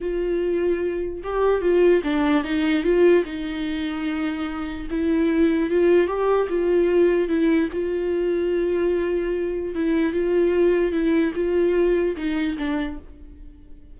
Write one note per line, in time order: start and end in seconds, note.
0.01 1.22 F4
1.23 1.61 G4
1.61 2.02 F4
2.03 2.43 D4
2.43 2.83 D#4
2.83 3.24 F4
3.25 4.87 D#4
4.90 5.70 E4
5.70 6.07 F4
6.07 6.47 G4
6.49 7.28 F4
7.28 7.68 E4
7.72 9.74 F4
9.74 10.12 E4
10.12 10.92 F4
10.92 11.32 E4
11.34 12.15 F4
12.16 12.56 D#4
12.57 12.98 D4